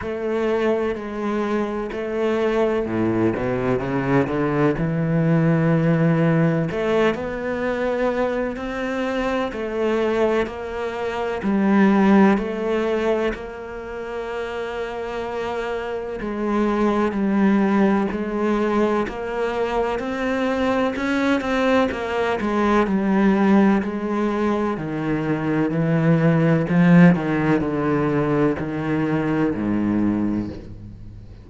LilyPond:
\new Staff \with { instrumentName = "cello" } { \time 4/4 \tempo 4 = 63 a4 gis4 a4 a,8 b,8 | cis8 d8 e2 a8 b8~ | b4 c'4 a4 ais4 | g4 a4 ais2~ |
ais4 gis4 g4 gis4 | ais4 c'4 cis'8 c'8 ais8 gis8 | g4 gis4 dis4 e4 | f8 dis8 d4 dis4 gis,4 | }